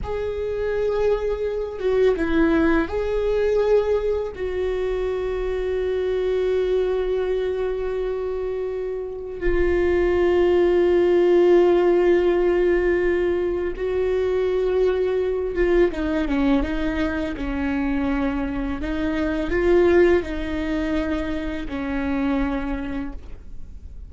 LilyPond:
\new Staff \with { instrumentName = "viola" } { \time 4/4 \tempo 4 = 83 gis'2~ gis'8 fis'8 e'4 | gis'2 fis'2~ | fis'1~ | fis'4 f'2.~ |
f'2. fis'4~ | fis'4. f'8 dis'8 cis'8 dis'4 | cis'2 dis'4 f'4 | dis'2 cis'2 | }